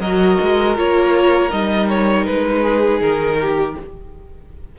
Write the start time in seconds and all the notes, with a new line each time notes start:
0.00 F#3 F#4 A#4 D#5
0.41 G#3
0.77 A#3 F4 C#5
1.50 G3 D#4 D#5
1.89 C#5
2.26 G#3 B4
2.63 G#4
3.01 D#3 A#4
3.41 G4